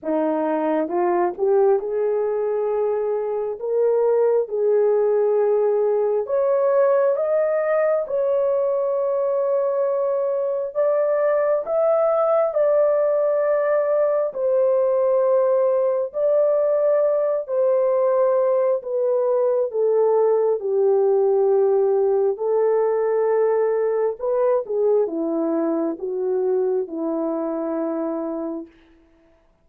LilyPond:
\new Staff \with { instrumentName = "horn" } { \time 4/4 \tempo 4 = 67 dis'4 f'8 g'8 gis'2 | ais'4 gis'2 cis''4 | dis''4 cis''2. | d''4 e''4 d''2 |
c''2 d''4. c''8~ | c''4 b'4 a'4 g'4~ | g'4 a'2 b'8 gis'8 | e'4 fis'4 e'2 | }